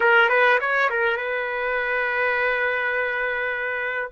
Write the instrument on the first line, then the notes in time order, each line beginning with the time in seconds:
trumpet
0.00 A#4
0.29 B4
0.60 C#5
0.90 A#4
1.17 B4